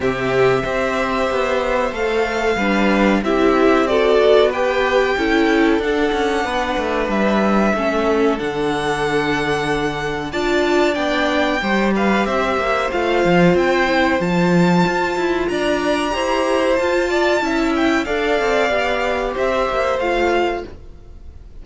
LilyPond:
<<
  \new Staff \with { instrumentName = "violin" } { \time 4/4 \tempo 4 = 93 e''2. f''4~ | f''4 e''4 d''4 g''4~ | g''4 fis''2 e''4~ | e''4 fis''2. |
a''4 g''4. f''8 e''4 | f''4 g''4 a''2 | ais''2 a''4. g''8 | f''2 e''4 f''4 | }
  \new Staff \with { instrumentName = "violin" } { \time 4/4 g'4 c''2. | b'4 g'4 a'4 b'4 | a'2 b'2 | a'1 |
d''2 c''8 b'8 c''4~ | c''1 | d''4 c''4. d''8 e''4 | d''2 c''2 | }
  \new Staff \with { instrumentName = "viola" } { \time 4/4 c'4 g'2 a'4 | d'4 e'4 fis'4 g'4 | e'4 d'2. | cis'4 d'2. |
f'4 d'4 g'2 | f'4. e'8 f'2~ | f'4 g'4 f'4 e'4 | a'4 g'2 f'4 | }
  \new Staff \with { instrumentName = "cello" } { \time 4/4 c4 c'4 b4 a4 | g4 c'4. b4. | cis'4 d'8 cis'8 b8 a8 g4 | a4 d2. |
d'4 b4 g4 c'8 ais8 | a8 f8 c'4 f4 f'8 e'8 | d'4 e'4 f'4 cis'4 | d'8 c'8 b4 c'8 ais8 a4 | }
>>